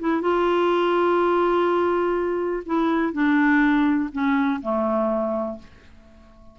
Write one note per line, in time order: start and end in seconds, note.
0.00 0.22 E4
0.22 2.64 F4
2.66 3.13 E4
3.13 4.10 D4
4.12 4.61 C#4
4.62 5.59 A3